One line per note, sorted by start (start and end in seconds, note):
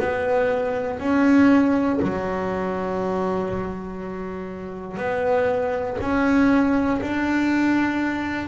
0.00 1.00 B3
1.00 2.00 C#4
2.02 4.98 F#3
4.98 5.98 B3
6.01 7.01 C#4
7.02 8.48 D4